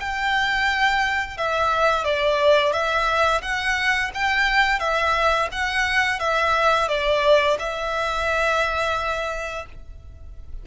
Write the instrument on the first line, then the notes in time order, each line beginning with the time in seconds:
violin
0.00 G5
1.38 E5
2.05 D5
2.73 E5
3.42 F#5
4.14 G5
4.80 E5
5.52 F#5
6.20 E5
6.89 D5
7.59 E5